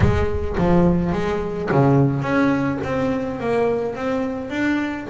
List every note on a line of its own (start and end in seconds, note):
0.00 0.56 G#3
0.57 1.12 F3
1.12 1.69 G#3
1.71 2.22 C#3
2.22 2.78 C#4
2.83 3.40 C4
3.40 3.95 A#3
3.95 4.49 C4
4.49 5.06 D4